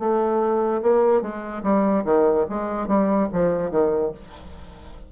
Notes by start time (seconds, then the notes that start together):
0.00 A3
0.83 A#3
1.22 G#3
1.64 G3
2.05 D#3
2.50 G#3
2.88 G3
3.33 F3
3.71 D#3